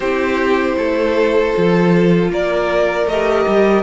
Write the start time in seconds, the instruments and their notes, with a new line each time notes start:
0.00 cello C4, viola E4, violin G4 C5
0.76 cello A3, violin A4
1.53 cello F3, viola F4
2.29 cello A#3, violin A#4 D5
3.06 cello A3, viola G4, violin D#5
3.47 cello G3